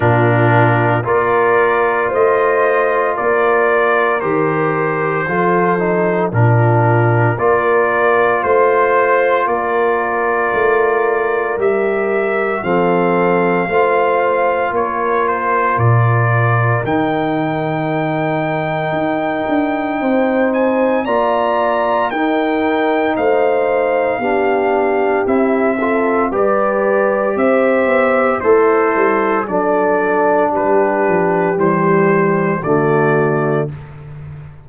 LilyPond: <<
  \new Staff \with { instrumentName = "trumpet" } { \time 4/4 \tempo 4 = 57 ais'4 d''4 dis''4 d''4 | c''2 ais'4 d''4 | c''4 d''2 e''4 | f''2 cis''8 c''8 d''4 |
g''2.~ g''8 gis''8 | ais''4 g''4 f''2 | e''4 d''4 e''4 c''4 | d''4 b'4 c''4 d''4 | }
  \new Staff \with { instrumentName = "horn" } { \time 4/4 f'4 ais'4 c''4 ais'4~ | ais'4 a'4 f'4 ais'4 | c''4 ais'2. | a'4 c''4 ais'2~ |
ais'2. c''4 | d''4 ais'4 c''4 g'4~ | g'8 a'8 b'4 c''4 e'4 | a'4 g'2 fis'4 | }
  \new Staff \with { instrumentName = "trombone" } { \time 4/4 d'4 f'2. | g'4 f'8 dis'8 d'4 f'4~ | f'2. g'4 | c'4 f'2. |
dis'1 | f'4 dis'2 d'4 | e'8 f'8 g'2 a'4 | d'2 g4 a4 | }
  \new Staff \with { instrumentName = "tuba" } { \time 4/4 ais,4 ais4 a4 ais4 | dis4 f4 ais,4 ais4 | a4 ais4 a4 g4 | f4 a4 ais4 ais,4 |
dis2 dis'8 d'8 c'4 | ais4 dis'4 a4 b4 | c'4 g4 c'8 b8 a8 g8 | fis4 g8 f8 e4 d4 | }
>>